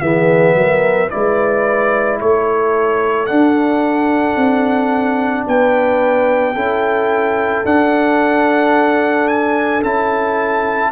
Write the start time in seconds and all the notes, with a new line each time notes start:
0.00 E3 B3 G#4 E5
0.55 F#3 A#4
1.10 G#3 E4 B4 D5
2.20 A3 A4 C#5
3.26 D4 F#5
4.36 C4
5.47 B3 B4 G5
6.54 C#4 E4 A4
7.65 D4 F#5
9.27 G#5
9.83 C#4 E4 A5